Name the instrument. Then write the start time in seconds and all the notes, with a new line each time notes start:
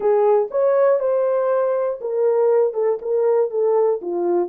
horn
0.00 G#4
0.50 C#5
0.99 C5
2.00 A#4
2.73 A4
3.01 A#4
3.50 A4
4.01 F4